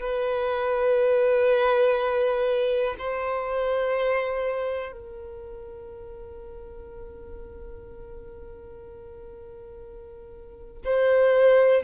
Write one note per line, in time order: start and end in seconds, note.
0.00 2.95 B4
2.98 4.92 C5
4.92 10.82 A#4
10.85 11.83 C5